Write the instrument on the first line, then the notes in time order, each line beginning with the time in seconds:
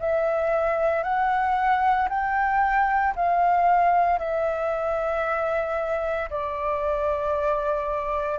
flute
0.00 E5
1.03 F#5
2.10 G5
3.16 F5
4.19 E5
6.30 D5